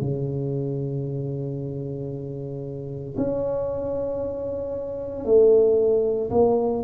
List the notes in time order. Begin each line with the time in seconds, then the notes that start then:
0.00 C#3
3.17 C#4
5.24 A3
6.30 A#3